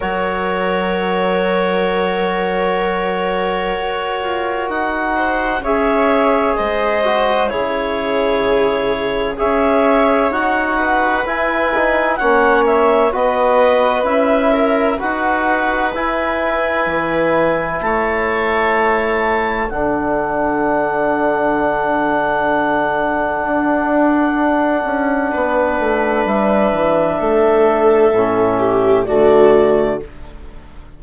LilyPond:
<<
  \new Staff \with { instrumentName = "clarinet" } { \time 4/4 \tempo 4 = 64 cis''1~ | cis''4 fis''4 e''4 dis''4 | cis''2 e''4 fis''4 | gis''4 fis''8 e''8 dis''4 e''4 |
fis''4 gis''2 a''4~ | a''4 fis''2.~ | fis''1 | e''2. d''4 | }
  \new Staff \with { instrumentName = "viola" } { \time 4/4 ais'1~ | ais'4. c''8 cis''4 c''4 | gis'2 cis''4. b'8~ | b'4 cis''4 b'4. ais'8 |
b'2. cis''4~ | cis''4 a'2.~ | a'2. b'4~ | b'4 a'4. g'8 fis'4 | }
  \new Staff \with { instrumentName = "trombone" } { \time 4/4 fis'1~ | fis'2 gis'4. fis'8 | e'2 gis'4 fis'4 | e'8 dis'8 cis'4 fis'4 e'4 |
fis'4 e'2.~ | e'4 d'2.~ | d'1~ | d'2 cis'4 a4 | }
  \new Staff \with { instrumentName = "bassoon" } { \time 4/4 fis1 | fis'8 f'8 dis'4 cis'4 gis4 | cis2 cis'4 dis'4 | e'4 ais4 b4 cis'4 |
dis'4 e'4 e4 a4~ | a4 d2.~ | d4 d'4. cis'8 b8 a8 | g8 e8 a4 a,4 d4 | }
>>